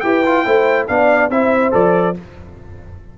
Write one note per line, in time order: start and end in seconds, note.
0.00 0.45 E4
0.00 0.24 G4
0.00 0.44 B4
0.00 0.86 G5
0.25 0.45 F4
0.44 0.88 A3
0.44 0.88 E4
0.44 0.87 C5
0.87 1.29 B3
0.87 1.31 D4
0.87 1.32 D5
0.87 1.30 F5
1.29 1.72 C4
1.29 1.71 E4
1.29 2.18 C5
1.29 1.73 E5
1.71 2.16 F3
1.71 2.14 A4
1.71 2.16 D5